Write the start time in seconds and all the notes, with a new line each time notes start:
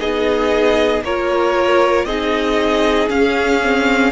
0.00 B3 D#4 G#4 D#5
1.02 A#3 F4 A#4 C#5
2.05 C4 D#4 G#4 D#5
3.10 C#4 F5
3.63 C4